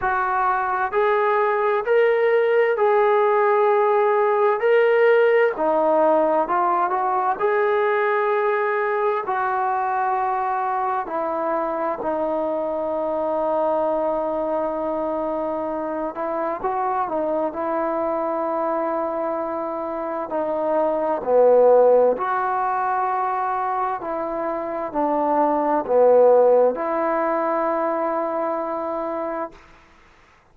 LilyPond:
\new Staff \with { instrumentName = "trombone" } { \time 4/4 \tempo 4 = 65 fis'4 gis'4 ais'4 gis'4~ | gis'4 ais'4 dis'4 f'8 fis'8 | gis'2 fis'2 | e'4 dis'2.~ |
dis'4. e'8 fis'8 dis'8 e'4~ | e'2 dis'4 b4 | fis'2 e'4 d'4 | b4 e'2. | }